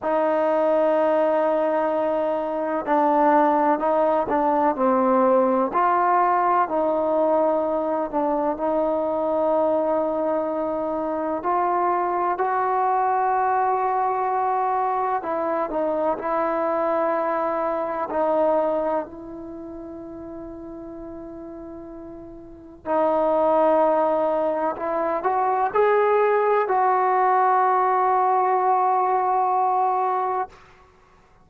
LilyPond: \new Staff \with { instrumentName = "trombone" } { \time 4/4 \tempo 4 = 63 dis'2. d'4 | dis'8 d'8 c'4 f'4 dis'4~ | dis'8 d'8 dis'2. | f'4 fis'2. |
e'8 dis'8 e'2 dis'4 | e'1 | dis'2 e'8 fis'8 gis'4 | fis'1 | }